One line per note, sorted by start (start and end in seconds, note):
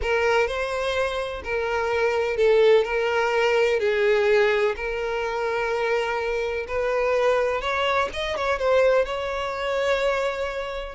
0.02 0.47 A#4
0.47 1.42 C5
1.44 2.36 A#4
2.36 2.84 A4
2.84 3.79 A#4
3.79 4.75 G#4
4.76 6.66 A#4
6.67 7.61 B4
7.61 8.08 C#5
8.13 8.36 D#5
8.36 8.58 C#5
8.58 9.05 C5
9.05 10.95 C#5